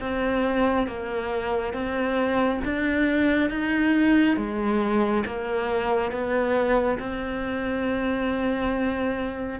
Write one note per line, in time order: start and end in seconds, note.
0.00 0.87 C4
0.87 1.73 A#3
1.73 2.60 C4
2.64 3.50 D4
3.50 4.36 D#4
4.36 5.23 G#3
5.25 6.11 A#3
6.11 6.98 B3
6.99 9.60 C4